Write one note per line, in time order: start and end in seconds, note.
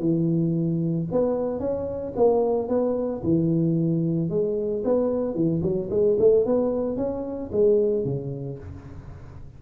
0.00 1.07 E3
1.12 1.60 B3
1.60 2.13 C#4
2.16 2.69 A#3
2.69 3.22 B3
3.23 4.30 E3
4.30 4.83 G#3
4.84 5.35 B3
5.35 5.62 E3
5.63 5.90 F#3
5.91 6.17 G#3
6.19 6.46 A3
6.46 6.97 B3
6.97 7.50 C#4
7.52 8.05 G#3
8.05 8.58 C#3